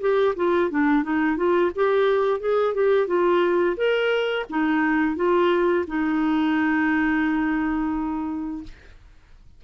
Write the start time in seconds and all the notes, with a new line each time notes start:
0.00 G4
0.36 F4
0.70 D4
1.03 D#4
1.37 F4
1.75 G4
2.40 G#4
2.74 G4
3.07 F4
3.76 A#4
4.49 D#4
5.16 F4
5.87 D#4